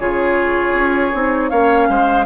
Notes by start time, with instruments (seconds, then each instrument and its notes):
0.00 bassoon C#3, clarinet F4, oboe G#4, flute C#5
0.74 bassoon C#4
1.13 bassoon C4, clarinet D#4
1.50 bassoon A#3, clarinet C#4, oboe C#5, flute F5
1.89 bassoon G#3, oboe C5